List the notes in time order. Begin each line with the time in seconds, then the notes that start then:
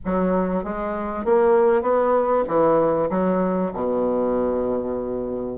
0.04 F#3
0.64 G#3
1.24 A#3
1.82 B3
2.47 E3
3.10 F#3
3.73 B2